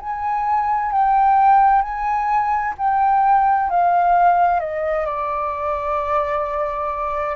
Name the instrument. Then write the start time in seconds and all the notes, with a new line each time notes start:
flute
0.00 G#5
0.92 G5
1.82 G#5
2.78 G5
3.70 F5
4.60 D#5
5.06 D5